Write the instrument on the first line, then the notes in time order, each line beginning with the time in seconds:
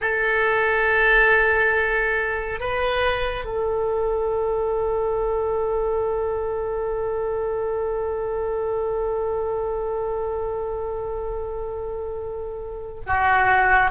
oboe
0.01 A4
2.59 B4
3.44 A4
13.06 F#4